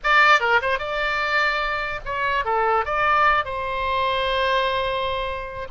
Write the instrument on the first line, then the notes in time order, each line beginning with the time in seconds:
oboe
0.03 D5
0.40 A#4
0.61 C5
0.79 D5
2.05 C#5
2.44 A4
2.85 D5
3.45 C5